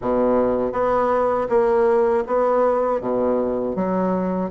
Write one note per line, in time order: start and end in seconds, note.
0.01 0.72 B2
0.72 1.47 B3
1.49 2.24 A#3
2.27 3.00 B3
3.00 3.75 B2
3.75 4.50 F#3